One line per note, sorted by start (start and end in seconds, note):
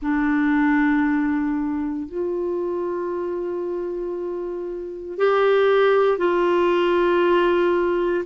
0.01 2.07 D4
2.07 5.18 F4
5.18 6.17 G4
6.17 8.24 F4